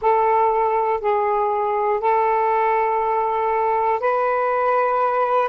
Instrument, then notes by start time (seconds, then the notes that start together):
saxophone
0.01 A4
1.00 G#4
2.00 A4
4.00 B4